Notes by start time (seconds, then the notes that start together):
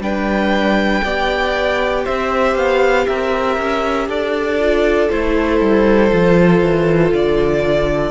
0.00 G3 D4 B4 G5
1.04 B3 G4 D5
2.04 C4 C5 E5
2.56 B3 F5
3.07 C4 A#4 E5
3.58 C#4
4.08 D4 A4 D5
4.60 F4
5.10 A3 E4 C5
5.61 G3
6.11 F3 F4
6.62 E3
7.13 D3 D5